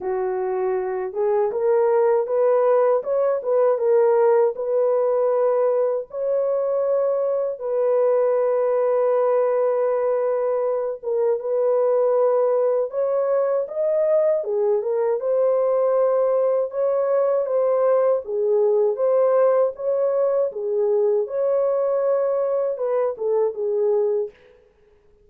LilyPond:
\new Staff \with { instrumentName = "horn" } { \time 4/4 \tempo 4 = 79 fis'4. gis'8 ais'4 b'4 | cis''8 b'8 ais'4 b'2 | cis''2 b'2~ | b'2~ b'8 ais'8 b'4~ |
b'4 cis''4 dis''4 gis'8 ais'8 | c''2 cis''4 c''4 | gis'4 c''4 cis''4 gis'4 | cis''2 b'8 a'8 gis'4 | }